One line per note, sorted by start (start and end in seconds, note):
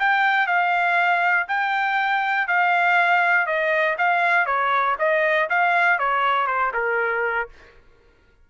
0.00 0.47 G5
0.47 1.47 F5
1.48 2.48 G5
2.48 3.47 F5
3.47 3.97 D#5
3.99 4.46 F5
4.46 4.96 C#5
4.99 5.49 D#5
5.50 5.99 F5
5.99 6.47 C#5
6.47 6.72 C5
6.74 7.49 A#4